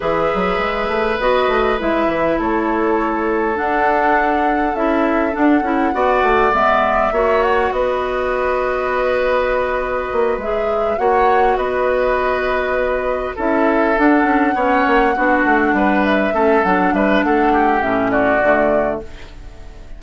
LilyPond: <<
  \new Staff \with { instrumentName = "flute" } { \time 4/4 \tempo 4 = 101 e''2 dis''4 e''4 | cis''2 fis''2 | e''4 fis''2 e''4~ | e''8 fis''8 dis''2.~ |
dis''4. e''4 fis''4 dis''8~ | dis''2~ dis''8 e''4 fis''8~ | fis''2. e''4 | fis''8 e''8 fis''4 e''8 d''4. | }
  \new Staff \with { instrumentName = "oboe" } { \time 4/4 b'1 | a'1~ | a'2 d''2 | cis''4 b'2.~ |
b'2~ b'8 cis''4 b'8~ | b'2~ b'8 a'4.~ | a'8 cis''4 fis'4 b'4 a'8~ | a'8 b'8 a'8 g'4 fis'4. | }
  \new Staff \with { instrumentName = "clarinet" } { \time 4/4 gis'2 fis'4 e'4~ | e'2 d'2 | e'4 d'8 e'8 fis'4 b4 | fis'1~ |
fis'4. gis'4 fis'4.~ | fis'2~ fis'8 e'4 d'8~ | d'8 cis'4 d'2 cis'8 | d'2 cis'4 a4 | }
  \new Staff \with { instrumentName = "bassoon" } { \time 4/4 e8 fis8 gis8 a8 b8 a8 gis8 e8 | a2 d'2 | cis'4 d'8 cis'8 b8 a8 gis4 | ais4 b2.~ |
b4 ais8 gis4 ais4 b8~ | b2~ b8 cis'4 d'8 | cis'8 b8 ais8 b8 a8 g4 a8 | fis8 g8 a4 a,4 d4 | }
>>